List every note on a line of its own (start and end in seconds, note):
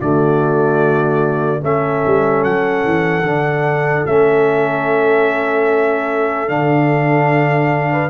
0.00 1.63 D3
0.00 1.61 A3
0.00 1.62 F#4
0.00 1.63 D5
1.61 2.03 A3
1.61 3.23 C#4
1.61 7.92 A4
1.61 2.44 E5
2.07 2.44 G3
2.44 2.85 F#3
2.44 4.06 F#5
2.85 3.23 E3
3.23 4.04 D3
3.23 4.07 D4
4.06 6.49 A3
4.06 6.48 C#4
4.06 6.49 E5
6.48 8.10 D3
6.48 8.10 D4
6.48 8.10 F5
7.92 8.10 B4